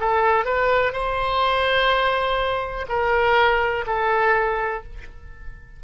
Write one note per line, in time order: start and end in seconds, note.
0.00 0.45 A4
0.45 0.92 B4
0.92 2.86 C5
2.89 3.85 A#4
3.87 4.83 A4